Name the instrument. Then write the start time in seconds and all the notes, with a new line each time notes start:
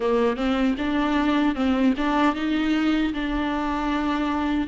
viola
0.00 A#3
0.36 C4
0.78 D4
1.55 C4
1.97 D4
2.35 D#4
3.13 D4